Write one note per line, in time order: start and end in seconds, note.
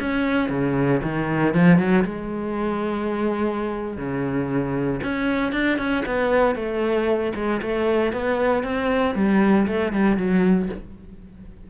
0.00 0.50 C#4
0.50 1.02 C#3
1.03 1.54 D#3
1.54 1.79 F3
1.79 2.05 F#3
2.05 3.98 G#3
3.98 5.01 C#3
5.03 5.53 C#4
5.53 5.78 D4
5.79 6.04 C#4
6.06 6.56 B3
6.56 7.34 A3
7.35 7.61 G#3
7.62 8.13 A3
8.13 8.64 B3
8.64 9.15 C4
9.15 9.67 G3
9.67 9.93 A3
9.93 10.18 G3
10.18 10.69 F#3